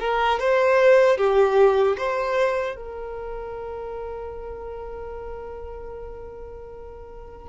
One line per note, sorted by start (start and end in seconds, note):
0.00 0.39 A#4
0.39 1.17 C5
1.17 1.96 G4
1.97 2.76 C5
2.76 7.49 A#4